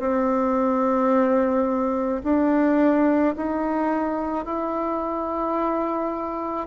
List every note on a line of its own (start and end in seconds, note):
0.00 2.22 C4
2.24 3.35 D4
3.36 4.45 D#4
4.45 6.67 E4